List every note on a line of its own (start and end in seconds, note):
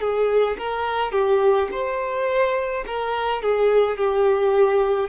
0.00 0.57 G#4
0.58 1.12 A#4
1.12 1.68 G4
1.71 2.84 C5
2.87 3.42 A#4
3.42 3.97 G#4
3.97 5.08 G4